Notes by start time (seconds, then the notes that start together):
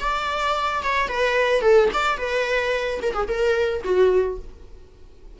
0.00 D5
0.83 C#5
1.08 B4
1.62 A4
1.93 D5
2.17 B4
3.02 A#4
3.14 G#4
3.28 A#4
3.84 F#4